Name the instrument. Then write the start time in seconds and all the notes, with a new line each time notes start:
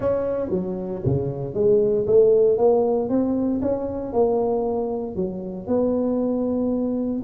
tuba
0.00 C#4
0.50 F#3
1.05 C#3
1.54 G#3
2.06 A3
2.57 A#3
3.09 C4
3.61 C#4
4.12 A#3
5.15 F#3
5.67 B3